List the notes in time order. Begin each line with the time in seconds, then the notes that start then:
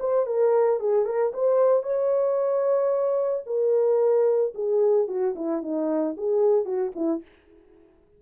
0.00 C5
0.26 A#4
0.80 G#4
1.05 A#4
1.33 C5
1.83 C#5
3.46 A#4
4.55 G#4
5.08 F#4
5.35 E4
5.62 D#4
6.17 G#4
6.65 F#4
6.95 E4